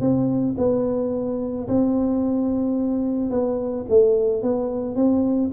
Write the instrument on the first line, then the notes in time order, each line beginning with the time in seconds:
tuba
0.00 C4
0.57 B3
1.68 C4
3.30 B3
3.89 A3
4.42 B3
4.95 C4